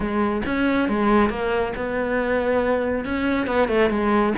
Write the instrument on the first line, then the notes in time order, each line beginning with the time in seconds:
cello
0.00 G#3
0.45 C#4
0.89 G#3
1.29 A#3
1.76 B3
3.04 C#4
3.46 B3
3.68 A3
3.90 G#3